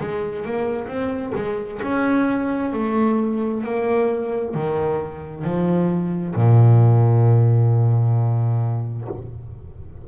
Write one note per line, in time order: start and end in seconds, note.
0.00 0.45 G#3
0.45 0.87 A#3
0.87 1.33 C4
1.35 1.80 G#3
1.83 2.73 C#4
2.73 3.64 A3
3.64 4.55 A#3
4.55 5.44 D#3
5.44 6.35 F3
6.35 9.08 A#2